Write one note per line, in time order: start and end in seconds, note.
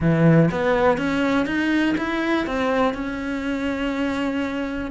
0.00 0.49 E3
0.51 0.97 B3
0.97 1.46 C#4
1.46 1.95 D#4
1.97 2.46 E4
2.46 2.94 C4
2.94 4.90 C#4